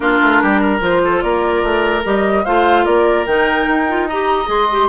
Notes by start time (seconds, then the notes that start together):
0.00 A#3 D4 F4 A#4
0.22 A3
0.42 G3 G4
0.60 A#4
0.80 F3 F4 C5
1.04 A4
1.21 A#3 A#4 D5
1.63 A3
2.03 G3 G4 D#5
2.44 A3 F4 C5 F5
2.85 A#3 A#4 D5
3.25 D#3 D#4 G5
3.67 D#4
3.88 F4
4.07 G4 D#5 A#5
4.45 G#3 G#4 C6
4.71 G4